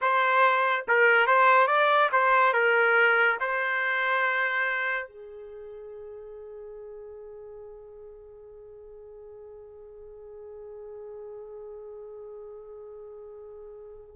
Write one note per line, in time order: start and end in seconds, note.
0.01 0.85 C5
0.88 1.26 A#4
1.26 1.67 C5
1.67 2.09 D5
2.12 2.53 C5
2.53 3.37 A#4
3.40 5.07 C5
5.07 14.15 G#4